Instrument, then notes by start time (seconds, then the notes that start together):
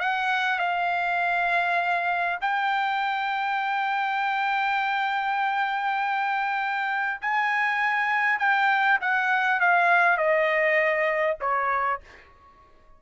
trumpet
0.00 F#5
0.59 F5
2.41 G5
7.22 G#5
8.39 G5
9.01 F#5
9.61 F5
10.18 D#5
11.41 C#5